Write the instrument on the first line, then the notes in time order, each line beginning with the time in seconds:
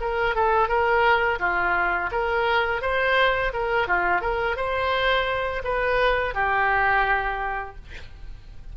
oboe
0.00 A#4
0.35 A4
0.68 A#4
1.39 F4
2.11 A#4
2.81 C5
3.53 A#4
3.87 F4
4.21 A#4
4.56 C5
5.64 B4
6.34 G4